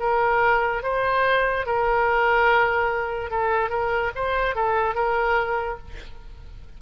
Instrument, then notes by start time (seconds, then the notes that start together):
oboe
0.00 A#4
0.83 C5
1.67 A#4
3.31 A4
3.70 A#4
4.16 C5
4.55 A4
4.95 A#4